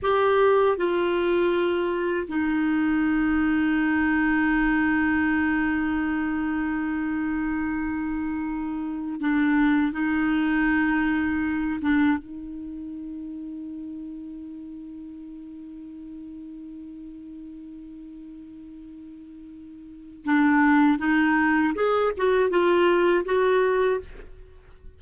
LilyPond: \new Staff \with { instrumentName = "clarinet" } { \time 4/4 \tempo 4 = 80 g'4 f'2 dis'4~ | dis'1~ | dis'1~ | dis'16 d'4 dis'2~ dis'8 d'16~ |
d'16 dis'2.~ dis'8.~ | dis'1~ | dis'2. d'4 | dis'4 gis'8 fis'8 f'4 fis'4 | }